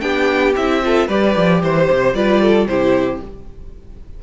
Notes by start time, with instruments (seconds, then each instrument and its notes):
0.00 cello B3, viola D4, violin G4 G5
0.56 cello C4, viola E4, violin E5
0.83 viola F4, violin A4
1.07 cello G3, viola G4, violin B4 D5
1.36 cello F3
1.62 cello E3, violin C5
1.91 cello C3
2.14 cello G3, viola F4, violin B4 D5
2.41 violin A4
2.66 cello C3, viola E4, violin G4 C5